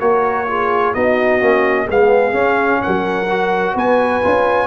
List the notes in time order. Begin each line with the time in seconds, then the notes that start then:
0.00 A#3 F#4 A#4 C#5
0.48 F4 G#4
0.94 B3 D#4 F#4 D#5
1.40 A#3 C#4
1.85 G#3 B3 G#4 F5
2.32 C#4
2.82 F#3 A#4 F#5
3.30 F#4
3.74 B3 B4 G#5
4.23 C#4 F4